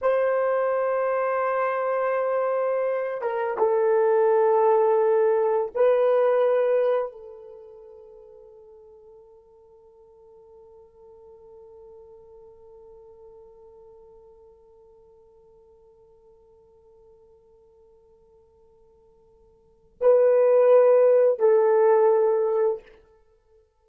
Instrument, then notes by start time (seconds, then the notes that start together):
horn
0.01 C5
3.21 A#4
3.57 A4
5.74 B4
7.12 A4
20.00 B4
21.39 A4